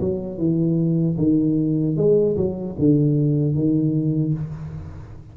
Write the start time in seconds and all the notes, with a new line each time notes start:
0.00 F#3
0.38 E3
1.18 D#3
1.96 G#3
2.36 F#3
2.78 D3
3.54 D#3